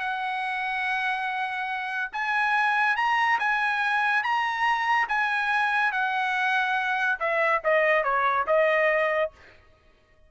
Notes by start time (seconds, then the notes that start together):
0.00 F#5
2.12 G#5
2.96 A#5
3.39 G#5
4.23 A#5
5.08 G#5
5.92 F#5
7.19 E5
7.64 D#5
8.04 C#5
8.47 D#5